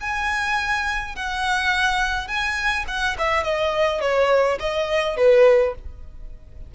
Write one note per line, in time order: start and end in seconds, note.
0.00 1.15 G#5
1.15 2.27 F#5
2.27 2.85 G#5
2.87 3.16 F#5
3.18 3.43 E5
3.43 4.00 D#5
4.00 4.58 C#5
4.59 5.17 D#5
5.17 5.74 B4